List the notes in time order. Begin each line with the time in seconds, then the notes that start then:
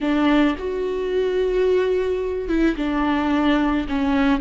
0.01 D4
0.58 F#4
2.48 E4
2.76 D4
3.88 C#4